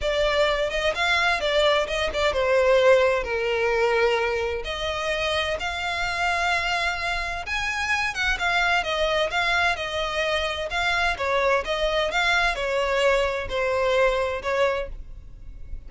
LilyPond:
\new Staff \with { instrumentName = "violin" } { \time 4/4 \tempo 4 = 129 d''4. dis''8 f''4 d''4 | dis''8 d''8 c''2 ais'4~ | ais'2 dis''2 | f''1 |
gis''4. fis''8 f''4 dis''4 | f''4 dis''2 f''4 | cis''4 dis''4 f''4 cis''4~ | cis''4 c''2 cis''4 | }